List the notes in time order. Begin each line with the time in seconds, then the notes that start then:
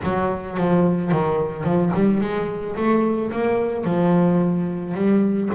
0.03 F#3
0.57 F3
1.11 D#3
1.64 F3
1.93 G3
2.20 G#3
2.76 A3
3.31 A#3
3.84 F3
4.94 G3